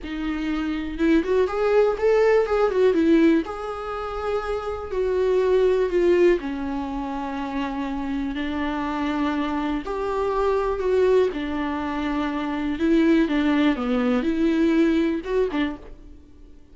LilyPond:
\new Staff \with { instrumentName = "viola" } { \time 4/4 \tempo 4 = 122 dis'2 e'8 fis'8 gis'4 | a'4 gis'8 fis'8 e'4 gis'4~ | gis'2 fis'2 | f'4 cis'2.~ |
cis'4 d'2. | g'2 fis'4 d'4~ | d'2 e'4 d'4 | b4 e'2 fis'8 d'8 | }